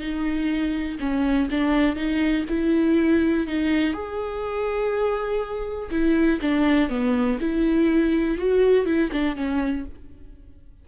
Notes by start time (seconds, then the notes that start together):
0.00 D#4
1.00 C#4
1.51 D4
1.96 D#4
2.49 E4
3.47 D#4
3.93 G#4
5.91 E4
6.42 D4
6.89 B3
7.40 E4
8.38 F#4
8.86 E4
9.12 D4
9.36 C#4